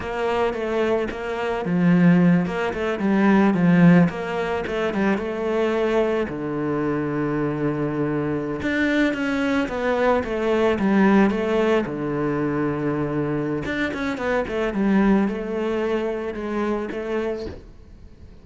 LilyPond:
\new Staff \with { instrumentName = "cello" } { \time 4/4 \tempo 4 = 110 ais4 a4 ais4 f4~ | f8 ais8 a8 g4 f4 ais8~ | ais8 a8 g8 a2 d8~ | d2.~ d8. d'16~ |
d'8. cis'4 b4 a4 g16~ | g8. a4 d2~ d16~ | d4 d'8 cis'8 b8 a8 g4 | a2 gis4 a4 | }